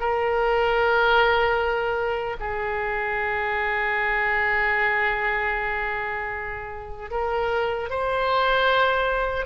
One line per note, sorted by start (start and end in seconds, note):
0.00 2.37 A#4
2.40 7.11 G#4
7.11 7.89 A#4
7.90 9.46 C5